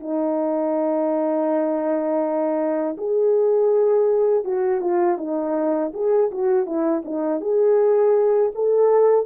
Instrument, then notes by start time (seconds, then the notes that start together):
horn
0.00 D#4
2.98 G#4
4.44 F#4
4.81 F4
5.18 D#4
5.93 G#4
6.31 F#4
6.66 E4
7.05 D#4
7.41 G#4
8.55 A4